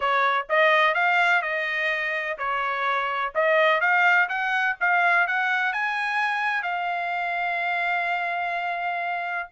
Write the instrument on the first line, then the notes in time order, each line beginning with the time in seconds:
trumpet
0.00 C#5
0.49 D#5
0.94 F5
1.42 D#5
2.37 C#5
3.34 D#5
3.80 F5
4.28 F#5
4.80 F5
5.27 F#5
5.72 G#5
6.63 F5